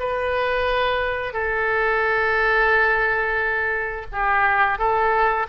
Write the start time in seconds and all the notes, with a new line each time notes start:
0.00 B4
1.33 A4
4.12 G4
4.79 A4